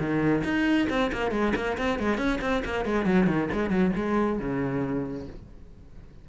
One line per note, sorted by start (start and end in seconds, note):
0.00 0.44 D#3
0.44 0.88 D#4
0.90 1.12 C4
1.13 1.32 A#3
1.32 1.54 G#3
1.56 1.78 A#3
1.78 2.00 C4
2.00 2.18 G#3
2.18 2.40 C#4
2.42 2.64 C4
2.65 2.86 A#3
2.86 3.06 G#3
3.06 3.27 F#3
3.27 3.49 D#3
3.53 3.70 G#3
3.70 3.92 F#3
3.96 4.40 G#3
4.40 5.27 C#3